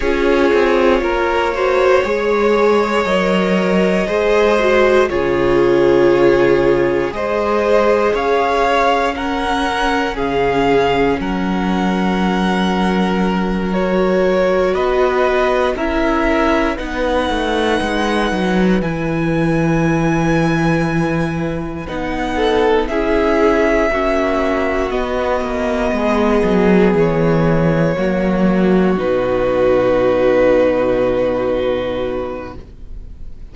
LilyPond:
<<
  \new Staff \with { instrumentName = "violin" } { \time 4/4 \tempo 4 = 59 cis''2. dis''4~ | dis''4 cis''2 dis''4 | f''4 fis''4 f''4 fis''4~ | fis''4. cis''4 dis''4 e''8~ |
e''8 fis''2 gis''4.~ | gis''4. fis''4 e''4.~ | e''8 dis''2 cis''4.~ | cis''8 b'2.~ b'8 | }
  \new Staff \with { instrumentName = "violin" } { \time 4/4 gis'4 ais'8 c''8 cis''2 | c''4 gis'2 c''4 | cis''4 ais'4 gis'4 ais'4~ | ais'2~ ais'8 b'4 ais'8~ |
ais'8 b'2.~ b'8~ | b'2 a'8 gis'4 fis'8~ | fis'4. gis'2 fis'8~ | fis'1 | }
  \new Staff \with { instrumentName = "viola" } { \time 4/4 f'4. fis'8 gis'4 ais'4 | gis'8 fis'8 f'2 gis'4~ | gis'4 cis'2.~ | cis'4. fis'2 e'8~ |
e'8 dis'2 e'4.~ | e'4. dis'4 e'4 cis'8~ | cis'8 b2. ais8~ | ais8 dis'2.~ dis'8 | }
  \new Staff \with { instrumentName = "cello" } { \time 4/4 cis'8 c'8 ais4 gis4 fis4 | gis4 cis2 gis4 | cis'2 cis4 fis4~ | fis2~ fis8 b4 cis'8~ |
cis'8 b8 a8 gis8 fis8 e4.~ | e4. b4 cis'4 ais8~ | ais8 b8 ais8 gis8 fis8 e4 fis8~ | fis8 b,2.~ b,8 | }
>>